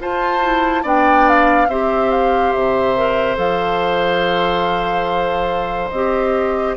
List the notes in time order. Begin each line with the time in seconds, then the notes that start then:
0.00 F4 C5 A5
0.42 E4
0.83 B3 D4 D5 G5
1.28 F5
1.67 C4 G4 C5 E5
2.10 F5
2.52 C3 E5
2.96 A#4
3.36 F3 A4 F5
5.90 C4 G4 D#5